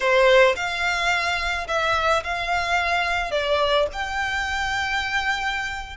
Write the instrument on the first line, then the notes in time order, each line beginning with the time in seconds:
violin
0.00 C5
0.56 F5
1.67 E5
2.23 F5
3.31 D5
3.92 G5